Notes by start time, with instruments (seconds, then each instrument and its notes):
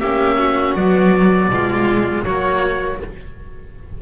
0.00 double bass A#3, cello C#4, violin G4, oboe E5
0.39 violin F#4
0.76 cello F#3, double bass B3, oboe D5
1.49 double bass B2, cello G#3, violin F4
2.24 double bass F#3, cello A#3, violin F#4, oboe C#5